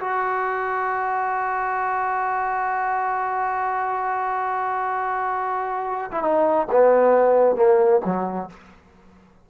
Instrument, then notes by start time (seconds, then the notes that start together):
trombone
0.00 F#4
6.12 E4
6.23 D#4
6.72 B3
7.56 A#3
8.05 F#3